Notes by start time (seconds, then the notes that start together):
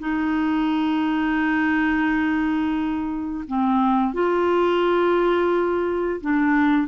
0.00 D#4
3.48 C4
4.14 F4
6.21 D4